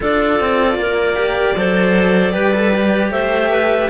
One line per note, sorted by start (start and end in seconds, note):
0.00 0.40 D4
0.00 1.15 F4
0.00 0.78 A4
0.00 3.11 D5
0.40 0.74 C4
0.74 1.52 A#3
0.74 1.56 A#4
1.15 1.54 G4
1.56 2.34 F#3
1.56 2.32 A4
1.56 2.33 C5
2.32 3.10 G3
2.32 2.52 G4
2.32 3.11 B4
2.53 2.73 A4
2.74 3.89 G4
3.10 3.88 A3
3.10 3.50 C5
3.10 3.89 E5
3.50 3.89 B4